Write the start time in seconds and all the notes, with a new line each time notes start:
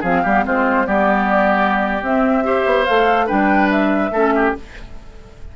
0.00 F3 C4 G#4 F5
0.23 G3 B3 G4
0.44 G#3 C4 F4 C5
0.85 G3 B3 G4 D5
2.01 C4 E5
2.43 G4 C5
2.66 B3
2.85 A3 A4 F5
3.26 G3 D4 B4 G5
3.70 E5
4.10 A3 C#4 A4
4.35 G4